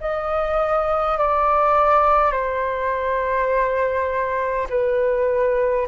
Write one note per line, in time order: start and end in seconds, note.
0.00 1.18 D#5
1.18 2.32 D5
2.32 4.67 C5
4.70 5.87 B4